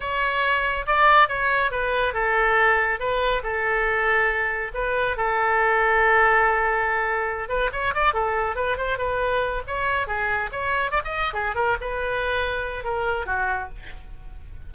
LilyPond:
\new Staff \with { instrumentName = "oboe" } { \time 4/4 \tempo 4 = 140 cis''2 d''4 cis''4 | b'4 a'2 b'4 | a'2. b'4 | a'1~ |
a'4. b'8 cis''8 d''8 a'4 | b'8 c''8 b'4. cis''4 gis'8~ | gis'8 cis''4 d''16 dis''8. gis'8 ais'8 b'8~ | b'2 ais'4 fis'4 | }